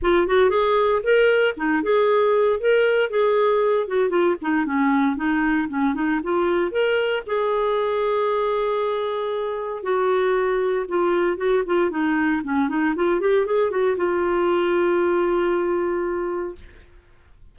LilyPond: \new Staff \with { instrumentName = "clarinet" } { \time 4/4 \tempo 4 = 116 f'8 fis'8 gis'4 ais'4 dis'8 gis'8~ | gis'4 ais'4 gis'4. fis'8 | f'8 dis'8 cis'4 dis'4 cis'8 dis'8 | f'4 ais'4 gis'2~ |
gis'2. fis'4~ | fis'4 f'4 fis'8 f'8 dis'4 | cis'8 dis'8 f'8 g'8 gis'8 fis'8 f'4~ | f'1 | }